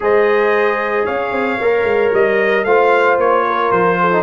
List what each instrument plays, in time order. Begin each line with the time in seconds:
0.00 tuba G#3, trombone G#4, horn C5, trumpet D#5
1.05 tuba C#4, horn C#5, trumpet F5
1.31 tuba C4
1.60 tuba A#3, trombone A#4
1.83 tuba G#3
2.13 tuba G3, trumpet D#5
2.64 tuba A3, trombone F4, horn C5, trumpet F5
3.17 tuba A#3, trumpet C#5
3.47 horn A#4
3.71 tuba F3, trumpet C5
4.00 horn A4
4.12 trombone D#4